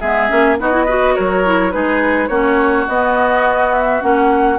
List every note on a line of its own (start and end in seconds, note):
0.00 0.30 G#3
0.00 0.29 B3
0.00 0.57 G#4
0.00 0.57 E5
0.29 0.59 A#3
0.29 0.57 C#4
0.60 1.17 B3
0.60 0.72 D#4
0.60 0.85 F#4
0.60 1.15 D#5
0.72 0.86 E4
0.85 1.45 F#4
0.85 1.14 B4
1.15 1.74 F#3
1.15 1.72 A#4
1.15 1.71 C#5
1.45 1.71 E4
1.71 2.29 G#3
1.71 2.29 D#4
1.71 2.29 G#4
1.71 2.28 B4
2.28 2.86 A#3
2.28 2.87 C#4
2.28 4.58 F#4
2.28 2.85 C#5
2.88 4.02 B3
2.88 4.01 B3
2.88 3.73 D#5
3.73 4.01 E5
4.01 4.58 A#3
4.01 4.58 C#4
4.01 4.58 F#5